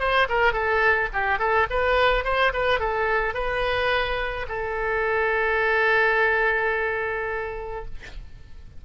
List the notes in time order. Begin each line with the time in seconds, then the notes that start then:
0.00 C5
0.30 A#4
0.54 A4
1.14 G4
1.39 A4
1.71 B4
2.25 C5
2.54 B4
2.80 A4
3.35 B4
4.49 A4